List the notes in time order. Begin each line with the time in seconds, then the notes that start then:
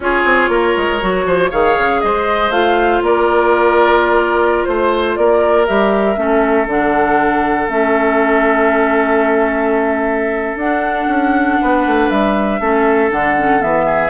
0.00 C#4 F4 G#4 C#5
0.24 C4
0.48 A#3 A#4
0.76 G#3
1.00 F#3 F#4
1.25 F3 C5
1.49 D#3 G#4 C#5 F5
1.78 C#3
2.00 G#3 C5 D#5
2.50 A3 F4 F5
3.02 A#3 A#4 D5
4.64 A3 C5
5.15 A#3 A#4 D5
5.66 G3 G4 E5
6.16 A3 C#4 A4
6.66 D3 D4 F#5
7.68 A3 C#4 E5
10.55 D4 F#5
11.07 C#4
11.61 B3 B4
11.86 A3
12.09 G3 E5
12.60 A3 C#4 A4
13.10 D3 D4 F#5
13.37 C#4
13.59 E3 B3 E5
13.85 G#4